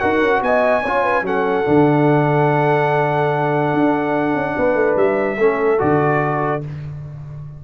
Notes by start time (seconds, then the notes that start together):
0.00 D#4 F#4 A#4 F#5
0.21 C#4
0.42 B3 D#5 G#5
0.83 C#4 F4 C#5
1.03 B4
1.22 F#3 C#4 A4 F#5
1.64 D3 D4
3.74 D4
4.35 C#4
4.56 B3 B4
4.75 A3
4.96 G3 E5
5.37 A3 C#4 A4
5.78 D3 F#4 D5